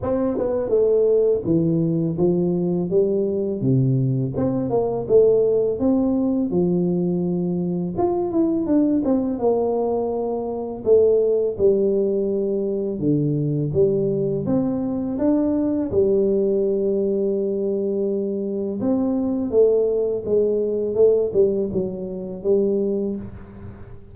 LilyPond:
\new Staff \with { instrumentName = "tuba" } { \time 4/4 \tempo 4 = 83 c'8 b8 a4 e4 f4 | g4 c4 c'8 ais8 a4 | c'4 f2 f'8 e'8 | d'8 c'8 ais2 a4 |
g2 d4 g4 | c'4 d'4 g2~ | g2 c'4 a4 | gis4 a8 g8 fis4 g4 | }